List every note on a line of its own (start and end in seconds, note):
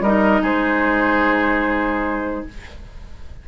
0.00 0.41 G3
0.00 2.48 D#4
0.00 0.41 A#4
0.00 0.43 D#5
0.41 2.45 G#3
0.41 2.44 G#4
0.41 2.47 C5